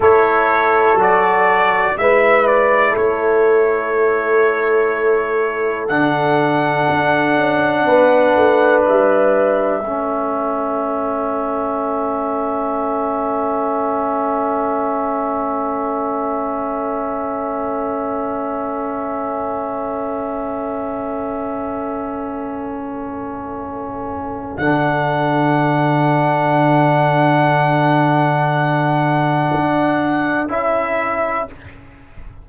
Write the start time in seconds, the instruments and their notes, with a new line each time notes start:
0.00 tuba A3, trombone E4, horn A4, trumpet C#5
0.94 tuba F#3, trombone F#4
1.01 trumpet D5
1.97 tuba G#3, trombone E4, horn B4, trumpet E5
2.46 trumpet D5
2.91 tuba A3, horn A4, trumpet C#5
5.87 tuba D3, trombone D4, trumpet F#5
6.89 tuba D4
7.36 tuba C#4
7.85 tuba B3, horn B4
8.35 tuba A3
8.85 tuba G3, trumpet E5
9.80 tuba A3, trombone C#4, horn A4
24.57 tuba D3, trombone D4, trumpet F#5
29.53 tuba D4
30.47 tuba C#4, trombone E4, trumpet E5